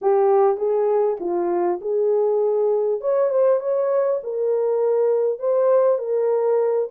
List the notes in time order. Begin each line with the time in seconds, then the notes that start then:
0.01 G4
0.57 G#4
1.19 F4
1.81 G#4
3.00 C#5
3.30 C5
3.60 C#5
4.23 A#4
5.39 C5
5.98 A#4